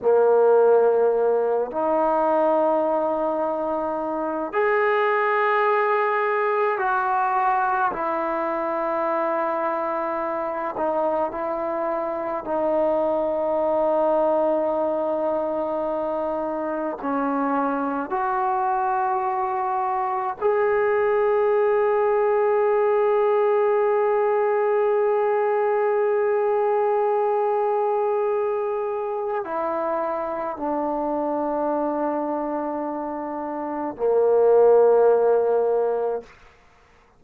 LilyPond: \new Staff \with { instrumentName = "trombone" } { \time 4/4 \tempo 4 = 53 ais4. dis'2~ dis'8 | gis'2 fis'4 e'4~ | e'4. dis'8 e'4 dis'4~ | dis'2. cis'4 |
fis'2 gis'2~ | gis'1~ | gis'2 e'4 d'4~ | d'2 ais2 | }